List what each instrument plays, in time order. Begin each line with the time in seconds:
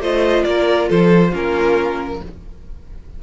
0.00 cello A3, viola F4, violin C5 D#5
0.44 cello A#3, violin A#4 D5
0.89 cello F3, violin A4 C5
1.31 cello A#3, viola C#4, violin F4 A#4